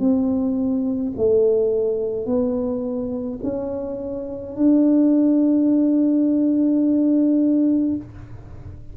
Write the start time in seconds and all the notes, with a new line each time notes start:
0.00 C4
1.17 A3
2.26 B3
3.44 C#4
4.56 D4